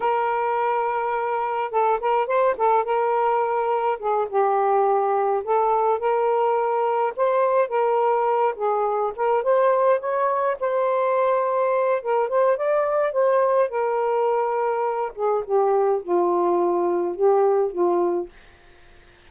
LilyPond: \new Staff \with { instrumentName = "saxophone" } { \time 4/4 \tempo 4 = 105 ais'2. a'8 ais'8 | c''8 a'8 ais'2 gis'8 g'8~ | g'4. a'4 ais'4.~ | ais'8 c''4 ais'4. gis'4 |
ais'8 c''4 cis''4 c''4.~ | c''4 ais'8 c''8 d''4 c''4 | ais'2~ ais'8 gis'8 g'4 | f'2 g'4 f'4 | }